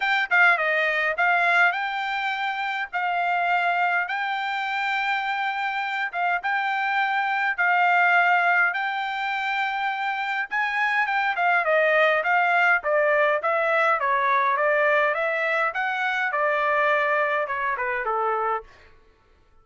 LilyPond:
\new Staff \with { instrumentName = "trumpet" } { \time 4/4 \tempo 4 = 103 g''8 f''8 dis''4 f''4 g''4~ | g''4 f''2 g''4~ | g''2~ g''8 f''8 g''4~ | g''4 f''2 g''4~ |
g''2 gis''4 g''8 f''8 | dis''4 f''4 d''4 e''4 | cis''4 d''4 e''4 fis''4 | d''2 cis''8 b'8 a'4 | }